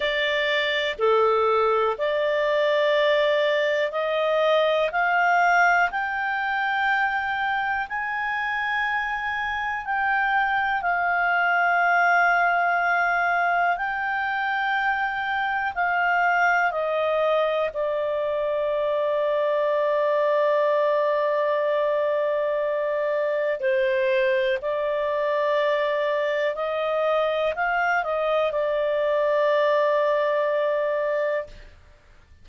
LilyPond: \new Staff \with { instrumentName = "clarinet" } { \time 4/4 \tempo 4 = 61 d''4 a'4 d''2 | dis''4 f''4 g''2 | gis''2 g''4 f''4~ | f''2 g''2 |
f''4 dis''4 d''2~ | d''1 | c''4 d''2 dis''4 | f''8 dis''8 d''2. | }